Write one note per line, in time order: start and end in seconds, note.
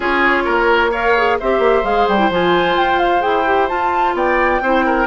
0.00 0.45 C#4
0.00 0.92 F4
0.00 0.43 G#4
0.00 0.92 C#5
0.44 1.39 A#3
0.44 0.90 A#4
0.91 1.15 A#4
0.91 1.37 C#5
0.91 1.38 F5
1.16 1.40 G#4
1.39 1.58 C4
1.39 1.84 G4
1.39 4.15 C5
1.39 1.85 E5
1.58 1.81 A#3
1.83 2.06 G#3
1.83 2.18 G#4
1.83 2.08 F5
2.08 2.30 G3
2.08 2.31 G5
2.18 2.29 E4
2.30 2.76 F3
2.30 3.19 F4
2.30 2.78 G#5
2.78 3.25 F4
2.78 2.99 G5
2.99 3.21 F5
3.19 3.70 E4
3.19 3.42 G#4
3.19 3.67 G5
3.45 3.68 G4
3.68 4.61 F4
3.68 4.14 F4
3.68 4.14 A5
4.14 4.60 B3
4.14 4.62 D5
4.14 5.06 G5
4.61 5.06 C4
4.61 5.06 E4
4.61 4.85 C5
4.85 5.06 A#4